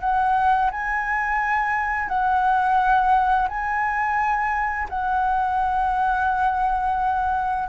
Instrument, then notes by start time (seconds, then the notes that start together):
flute
0.00 F#5
0.71 G#5
2.08 F#5
3.48 G#5
4.89 F#5